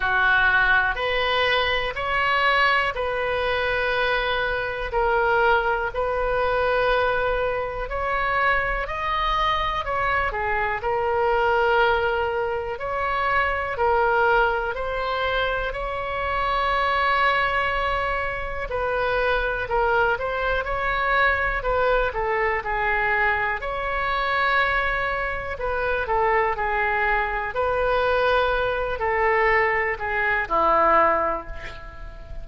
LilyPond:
\new Staff \with { instrumentName = "oboe" } { \time 4/4 \tempo 4 = 61 fis'4 b'4 cis''4 b'4~ | b'4 ais'4 b'2 | cis''4 dis''4 cis''8 gis'8 ais'4~ | ais'4 cis''4 ais'4 c''4 |
cis''2. b'4 | ais'8 c''8 cis''4 b'8 a'8 gis'4 | cis''2 b'8 a'8 gis'4 | b'4. a'4 gis'8 e'4 | }